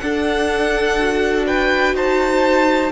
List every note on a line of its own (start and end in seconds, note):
0.00 0.98 D4
0.00 1.94 D4
0.00 1.47 A4
0.00 1.45 F#5
0.99 2.92 F#4
1.47 1.95 B4
1.47 1.96 G5
1.94 2.91 D#4
1.94 2.92 C5
1.94 2.92 A5